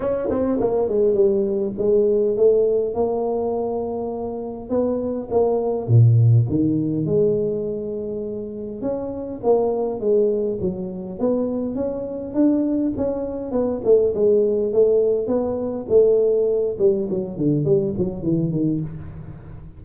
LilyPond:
\new Staff \with { instrumentName = "tuba" } { \time 4/4 \tempo 4 = 102 cis'8 c'8 ais8 gis8 g4 gis4 | a4 ais2. | b4 ais4 ais,4 dis4 | gis2. cis'4 |
ais4 gis4 fis4 b4 | cis'4 d'4 cis'4 b8 a8 | gis4 a4 b4 a4~ | a8 g8 fis8 d8 g8 fis8 e8 dis8 | }